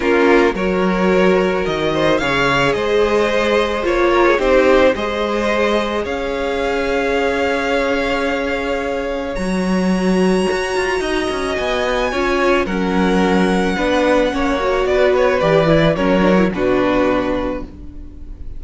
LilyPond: <<
  \new Staff \with { instrumentName = "violin" } { \time 4/4 \tempo 4 = 109 ais'4 cis''2 dis''4 | f''4 dis''2 cis''4 | c''4 dis''2 f''4~ | f''1~ |
f''4 ais''2.~ | ais''4 gis''2 fis''4~ | fis''2. d''8 cis''8 | d''4 cis''4 b'2 | }
  \new Staff \with { instrumentName = "violin" } { \time 4/4 f'4 ais'2~ ais'8 c''8 | cis''4 c''2~ c''8 ais'16 gis'16 | g'4 c''2 cis''4~ | cis''1~ |
cis''1 | dis''2 cis''4 ais'4~ | ais'4 b'4 cis''4 b'4~ | b'4 ais'4 fis'2 | }
  \new Staff \with { instrumentName = "viola" } { \time 4/4 cis'4 fis'2. | gis'2. f'4 | dis'4 gis'2.~ | gis'1~ |
gis'4 fis'2.~ | fis'2 f'4 cis'4~ | cis'4 d'4 cis'8 fis'4. | g'8 e'8 cis'8 d'16 e'16 d'2 | }
  \new Staff \with { instrumentName = "cello" } { \time 4/4 ais4 fis2 dis4 | cis4 gis2 ais4 | c'4 gis2 cis'4~ | cis'1~ |
cis'4 fis2 fis'8 f'8 | dis'8 cis'8 b4 cis'4 fis4~ | fis4 b4 ais4 b4 | e4 fis4 b,2 | }
>>